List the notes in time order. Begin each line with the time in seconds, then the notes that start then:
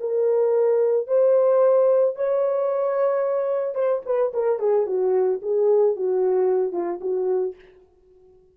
0.00 A#4
1.08 C5
2.16 C#5
3.75 C5
4.06 B4
4.34 A#4
4.59 G#4
4.86 F#4
5.42 G#4
5.96 F#4
6.72 F4
7.01 F#4